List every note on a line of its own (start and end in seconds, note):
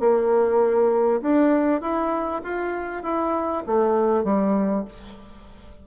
0.00 1.21 A#3
1.22 1.81 D4
1.81 2.42 E4
2.44 3.03 F4
3.03 3.64 E4
3.66 4.24 A3
4.24 4.85 G3